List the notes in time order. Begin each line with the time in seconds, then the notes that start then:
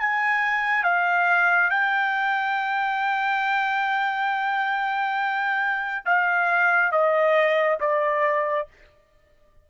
0.00 G#5
0.83 F5
1.70 G5
6.05 F5
6.92 D#5
7.80 D5